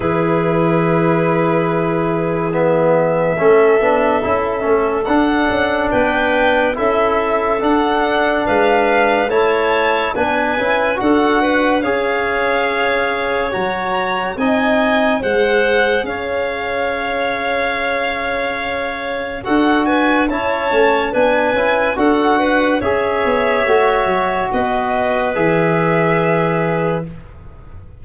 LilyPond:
<<
  \new Staff \with { instrumentName = "violin" } { \time 4/4 \tempo 4 = 71 b'2. e''4~ | e''2 fis''4 g''4 | e''4 fis''4 f''4 a''4 | gis''4 fis''4 f''2 |
ais''4 gis''4 fis''4 f''4~ | f''2. fis''8 gis''8 | a''4 gis''4 fis''4 e''4~ | e''4 dis''4 e''2 | }
  \new Staff \with { instrumentName = "clarinet" } { \time 4/4 gis'1 | a'2. b'4 | a'2 b'4 cis''4 | b'4 a'8 b'8 cis''2~ |
cis''4 dis''4 c''4 cis''4~ | cis''2. a'8 b'8 | cis''4 b'4 a'8 b'8 cis''4~ | cis''4 b'2. | }
  \new Staff \with { instrumentName = "trombone" } { \time 4/4 e'2. b4 | cis'8 d'8 e'8 cis'8 d'2 | e'4 d'2 e'4 | d'8 e'8 fis'4 gis'2 |
fis'4 dis'4 gis'2~ | gis'2. fis'4 | e'8 cis'8 d'8 e'8 fis'4 gis'4 | fis'2 gis'2 | }
  \new Staff \with { instrumentName = "tuba" } { \time 4/4 e1 | a8 b8 cis'8 a8 d'8 cis'8 b4 | cis'4 d'4 gis4 a4 | b8 cis'8 d'4 cis'2 |
fis4 c'4 gis4 cis'4~ | cis'2. d'4 | cis'8 a8 b8 cis'8 d'4 cis'8 b8 | a8 fis8 b4 e2 | }
>>